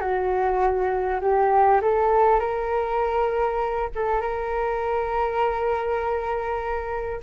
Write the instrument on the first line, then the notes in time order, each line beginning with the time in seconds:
flute
0.00 F#4
1.20 G4
1.81 A4
2.39 A#4
3.95 A4
4.20 A#4